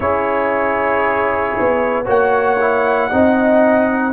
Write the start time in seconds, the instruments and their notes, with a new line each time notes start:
0.00 tuba C#4, trombone E4, horn G#4, trumpet C#5
1.59 tuba B3
2.04 tuba A#3, trombone F#4, horn C#5, trumpet F#5
2.59 trombone E4
3.09 tuba C4, trombone D#4, horn D#5